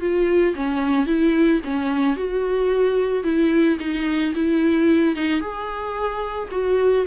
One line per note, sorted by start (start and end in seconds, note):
0.00 0.54 F4
0.55 1.06 C#4
1.06 1.60 E4
1.64 2.16 C#4
2.16 3.23 F#4
3.23 3.77 E4
3.79 4.33 D#4
4.34 5.15 E4
5.15 5.40 D#4
5.40 6.48 G#4
6.51 7.05 F#4